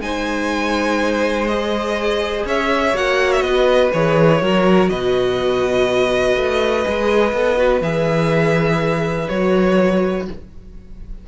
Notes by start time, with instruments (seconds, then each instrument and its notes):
0.00 cello G#3, viola D#4, violin C5 G#5
1.47 viola G#4, violin D#5
2.45 cello C#4, violin C#5 E5
2.94 cello A#3, viola F#4, violin F#5
3.32 violin E5
3.41 cello B3, violin B4 D#5
3.93 cello E3, viola G#4, violin C#5
4.41 cello F#3, viola F#4, violin A#4
4.89 cello B2, violin B4 D#5
6.36 cello A3
6.85 cello G#3, viola G#4
7.33 cello B3, viola A4
7.57 viola F#4
7.81 cello E3, viola G#4, violin E5
9.29 cello F#3, viola F#4, violin C#5